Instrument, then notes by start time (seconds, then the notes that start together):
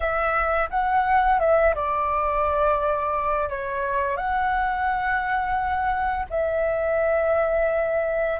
flute
0.00 E5
0.69 F#5
1.39 E5
1.74 D5
3.49 C#5
4.16 F#5
6.30 E5